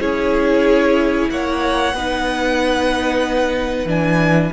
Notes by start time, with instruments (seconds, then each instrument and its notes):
0.00 cello C#4, viola E4, violin G#4 C#5
1.29 cello A#3, violin C#5 F#5
1.94 cello B3, viola D#4, violin B4
3.85 cello E3, viola D4, violin G#5